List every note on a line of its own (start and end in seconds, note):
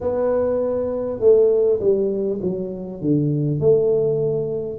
0.00 1.19 B3
1.19 1.79 A3
1.80 2.40 G3
2.42 3.01 F#3
3.01 3.60 D3
3.60 4.78 A3